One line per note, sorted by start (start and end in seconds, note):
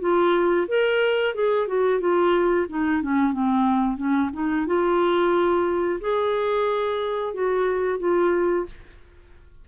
0.00 0.67 F4
0.68 1.35 A#4
1.35 1.68 G#4
1.68 2.00 F#4
2.00 2.67 F4
2.69 3.02 D#4
3.02 3.32 C#4
3.32 3.97 C4
3.97 4.30 C#4
4.33 4.66 D#4
4.67 6.00 F4
6.01 7.34 G#4
7.34 7.99 F#4
7.99 8.65 F4